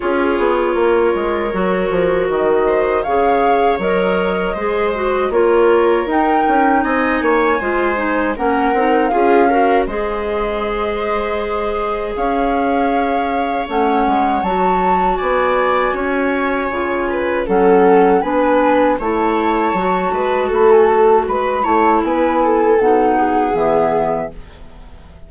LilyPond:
<<
  \new Staff \with { instrumentName = "flute" } { \time 4/4 \tempo 4 = 79 cis''2. dis''4 | f''4 dis''2 cis''4 | g''4 gis''2 fis''4 | f''4 dis''2. |
f''2 fis''4 a''4 | gis''2. fis''4 | gis''4 a''2 b''16 gis''16 a''8 | b''8 a''8 gis''4 fis''4 e''4 | }
  \new Staff \with { instrumentName = "viola" } { \time 4/4 gis'4 ais'2~ ais'8 c''8 | cis''2 c''4 ais'4~ | ais'4 dis''8 cis''8 c''4 ais'4 | gis'8 ais'8 c''2. |
cis''1 | d''4 cis''4. b'8 a'4 | b'4 cis''4. b'8 a'4 | b'8 cis''8 b'8 a'4 gis'4. | }
  \new Staff \with { instrumentName = "clarinet" } { \time 4/4 f'2 fis'2 | gis'4 ais'4 gis'8 fis'8 f'4 | dis'2 f'8 dis'8 cis'8 dis'8 | f'8 fis'8 gis'2.~ |
gis'2 cis'4 fis'4~ | fis'2 f'4 cis'4 | d'4 e'4 fis'2~ | fis'8 e'4. dis'4 b4 | }
  \new Staff \with { instrumentName = "bassoon" } { \time 4/4 cis'8 b8 ais8 gis8 fis8 f8 dis4 | cis4 fis4 gis4 ais4 | dis'8 cis'8 c'8 ais8 gis4 ais8 c'8 | cis'4 gis2. |
cis'2 a8 gis8 fis4 | b4 cis'4 cis4 fis4 | b4 a4 fis8 gis8 a4 | gis8 a8 b4 b,4 e4 | }
>>